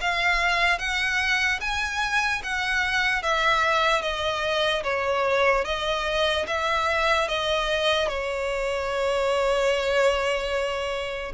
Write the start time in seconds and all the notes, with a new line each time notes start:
0.00 F5
0.79 F#5
1.60 G#5
2.43 F#5
3.22 E5
4.02 D#5
4.83 C#5
5.64 D#5
6.47 E5
7.28 D#5
8.08 C#5